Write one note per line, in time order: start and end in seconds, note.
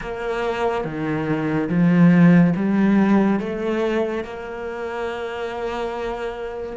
0.01 0.84 A#3
0.84 1.69 D#3
1.69 2.54 F3
2.55 3.39 G3
3.39 4.24 A3
4.24 6.76 A#3